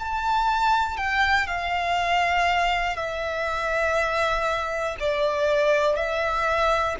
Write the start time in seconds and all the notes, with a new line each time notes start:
0.00 A5
0.97 G5
1.48 F5
2.97 E5
5.00 D5
5.96 E5